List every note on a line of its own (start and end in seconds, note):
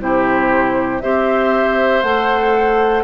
0.00 1.02 C3
0.00 1.02 E4
0.00 1.03 G4
0.00 1.01 C5
1.01 2.03 C4
1.01 2.04 G4
1.01 3.04 C5
1.01 2.02 E5
2.03 3.04 A3
2.03 3.04 A4
2.03 3.04 F#5